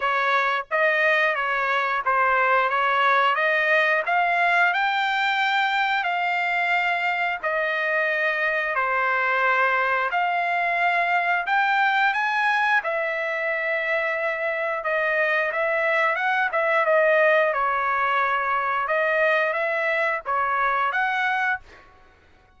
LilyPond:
\new Staff \with { instrumentName = "trumpet" } { \time 4/4 \tempo 4 = 89 cis''4 dis''4 cis''4 c''4 | cis''4 dis''4 f''4 g''4~ | g''4 f''2 dis''4~ | dis''4 c''2 f''4~ |
f''4 g''4 gis''4 e''4~ | e''2 dis''4 e''4 | fis''8 e''8 dis''4 cis''2 | dis''4 e''4 cis''4 fis''4 | }